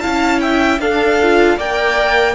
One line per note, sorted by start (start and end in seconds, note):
0.00 0.79 C#4
0.00 0.80 E4
0.00 0.40 F5
0.00 0.39 A5
0.39 0.80 E5
0.39 0.78 G5
0.79 1.56 D4
0.79 1.19 D4
0.79 1.57 A4
0.79 1.58 F5
1.22 1.59 F4
1.57 2.35 A#3
1.57 2.35 A#4
1.57 2.35 D5
1.57 2.35 G5